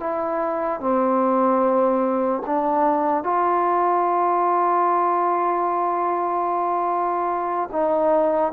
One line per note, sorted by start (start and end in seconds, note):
0.00 0.80 E4
0.80 2.43 C4
2.46 3.24 D4
3.24 7.70 F4
7.72 8.52 D#4